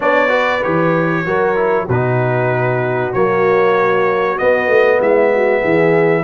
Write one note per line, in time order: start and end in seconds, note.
0.00 0.63 B3
0.00 0.28 D4
0.00 0.29 C#5
0.00 0.63 D5
0.28 0.59 F#4
0.28 1.23 B4
0.63 1.25 E3
0.63 1.25 G4
0.63 1.88 C#5
1.25 1.87 F#3
1.25 1.56 F#4
1.25 1.85 A#4
1.56 1.87 E4
1.85 3.13 B2
1.85 4.97 F#4
1.85 3.13 B4
1.91 3.14 D#4
3.13 4.39 F#3
3.13 4.37 A#3
3.13 4.38 C#5
4.37 6.24 B3
4.37 4.67 B3
4.37 5.00 D#5
4.67 4.98 A3
4.99 5.62 G#3
4.99 5.31 E4
4.99 6.24 E5
5.34 5.59 F#4
5.59 6.24 E3
5.59 6.21 G#4